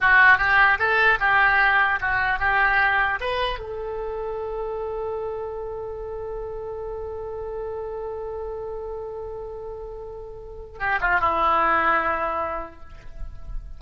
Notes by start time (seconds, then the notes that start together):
0.01 F#4
0.38 G4
0.78 A4
1.19 G4
2.01 F#4
2.39 G4
3.20 B4
3.59 A4
10.79 G4
11.01 F4
11.20 E4